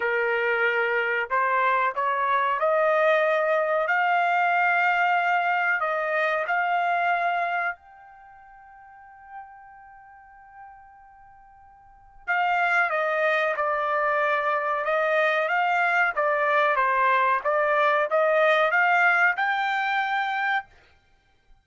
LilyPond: \new Staff \with { instrumentName = "trumpet" } { \time 4/4 \tempo 4 = 93 ais'2 c''4 cis''4 | dis''2 f''2~ | f''4 dis''4 f''2 | g''1~ |
g''2. f''4 | dis''4 d''2 dis''4 | f''4 d''4 c''4 d''4 | dis''4 f''4 g''2 | }